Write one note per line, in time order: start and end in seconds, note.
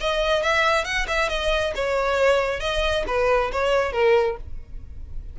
0.00 0.43 D#5
0.43 0.84 E5
0.84 1.06 F#5
1.07 1.29 E5
1.29 1.73 D#5
1.75 2.60 C#5
2.60 3.04 D#5
3.07 3.51 B4
3.52 3.92 C#5
3.92 4.37 A#4